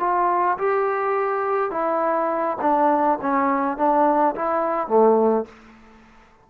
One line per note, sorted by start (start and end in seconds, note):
0.00 0.58 F4
0.58 1.71 G4
1.71 2.58 E4
2.61 3.19 D4
3.22 3.77 C#4
3.77 4.35 D4
4.36 4.88 E4
4.88 5.46 A3